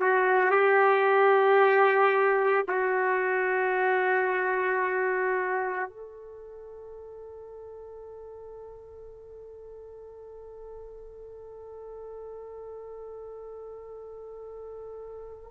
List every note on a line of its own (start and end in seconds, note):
0.00 0.51 F#4
0.51 2.65 G4
2.68 5.89 F#4
5.89 15.51 A4